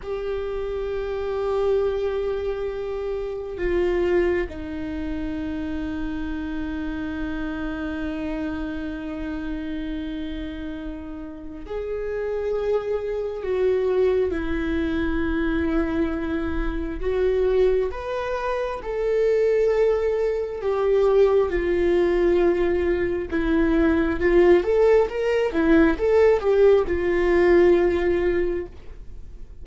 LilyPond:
\new Staff \with { instrumentName = "viola" } { \time 4/4 \tempo 4 = 67 g'1 | f'4 dis'2.~ | dis'1~ | dis'4 gis'2 fis'4 |
e'2. fis'4 | b'4 a'2 g'4 | f'2 e'4 f'8 a'8 | ais'8 e'8 a'8 g'8 f'2 | }